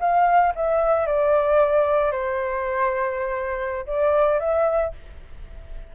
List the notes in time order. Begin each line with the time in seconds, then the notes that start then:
0.00 F5
0.55 E5
1.06 D5
2.12 C5
3.86 D5
4.40 E5